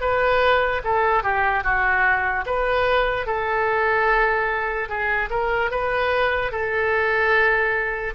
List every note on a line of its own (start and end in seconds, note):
0.00 0.81 B4
0.84 1.23 A4
1.23 1.63 G4
1.63 2.44 F#4
2.45 3.26 B4
3.26 4.88 A4
4.88 5.29 G#4
5.30 5.71 A#4
5.71 6.52 B4
6.52 8.14 A4